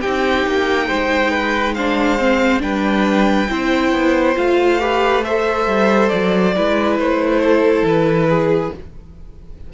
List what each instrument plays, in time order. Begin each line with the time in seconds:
0.00 cello C4, viola D#4, violin G4 G5
0.46 cello A#3
0.87 cello G#3, violin C5
1.30 violin B4
1.74 viola D4, violin C5 F5
2.18 viola C4
2.59 cello G3, viola D4, violin B4 G5
3.49 cello C4, viola E4, violin C5
3.91 cello B3
4.35 cello A3, viola F4, violin F5
4.79 viola G4, violin B4
5.24 viola A4, violin C5 E5
5.66 cello G3
6.08 cello F#3, violin D5
6.55 cello G#3, viola E4, violin B4
6.98 cello A3, violin C5
7.41 violin A4
7.82 cello E3, violin B4
8.29 violin G#4